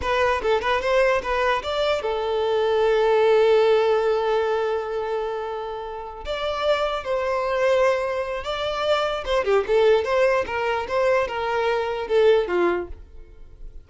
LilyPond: \new Staff \with { instrumentName = "violin" } { \time 4/4 \tempo 4 = 149 b'4 a'8 b'8 c''4 b'4 | d''4 a'2.~ | a'1~ | a'2.~ a'8 d''8~ |
d''4. c''2~ c''8~ | c''4 d''2 c''8 g'8 | a'4 c''4 ais'4 c''4 | ais'2 a'4 f'4 | }